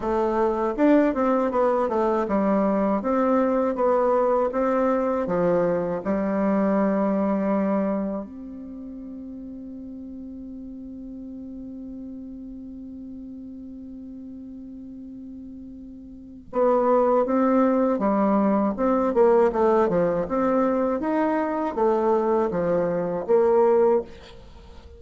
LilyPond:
\new Staff \with { instrumentName = "bassoon" } { \time 4/4 \tempo 4 = 80 a4 d'8 c'8 b8 a8 g4 | c'4 b4 c'4 f4 | g2. c'4~ | c'1~ |
c'1~ | c'2 b4 c'4 | g4 c'8 ais8 a8 f8 c'4 | dis'4 a4 f4 ais4 | }